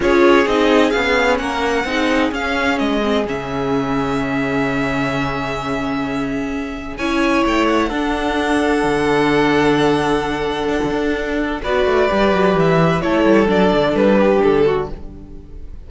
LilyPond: <<
  \new Staff \with { instrumentName = "violin" } { \time 4/4 \tempo 4 = 129 cis''4 dis''4 f''4 fis''4~ | fis''4 f''4 dis''4 e''4~ | e''1~ | e''2. gis''4 |
g''8 fis''2.~ fis''8~ | fis''1~ | fis''4 d''2 e''4 | cis''4 d''4 b'4 a'4 | }
  \new Staff \with { instrumentName = "violin" } { \time 4/4 gis'2. ais'4 | gis'1~ | gis'1~ | gis'2. cis''4~ |
cis''4 a'2.~ | a'1~ | a'4 b'2. | a'2~ a'8 g'4 fis'8 | }
  \new Staff \with { instrumentName = "viola" } { \time 4/4 f'4 dis'4 cis'2 | dis'4 cis'4. c'8 cis'4~ | cis'1~ | cis'2. e'4~ |
e'4 d'2.~ | d'1~ | d'4 fis'4 g'2 | e'4 d'2. | }
  \new Staff \with { instrumentName = "cello" } { \time 4/4 cis'4 c'4 b4 ais4 | c'4 cis'4 gis4 cis4~ | cis1~ | cis2. cis'4 |
a4 d'2 d4~ | d2. d'16 d16 d'8~ | d'4 b8 a8 g8 fis8 e4 | a8 g8 fis8 d8 g4 d4 | }
>>